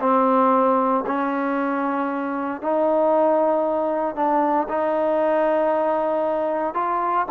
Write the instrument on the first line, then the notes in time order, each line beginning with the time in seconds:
trombone
0.00 C4
1.06 C#4
2.61 D#4
4.15 D4
4.68 D#4
6.74 F4